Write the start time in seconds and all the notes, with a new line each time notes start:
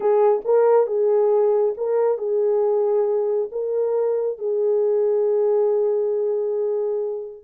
0.00 G#4
0.44 A#4
0.86 G#4
1.77 A#4
2.18 G#4
3.51 A#4
4.38 G#4